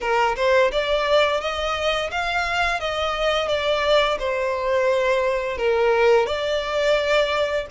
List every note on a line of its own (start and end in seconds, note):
0.00 0.35 A#4
0.36 0.71 C5
0.71 1.40 D5
1.40 2.10 D#5
2.11 2.80 F5
2.80 3.48 D#5
3.48 4.17 D5
4.19 5.57 C5
5.57 6.26 A#4
6.26 7.66 D5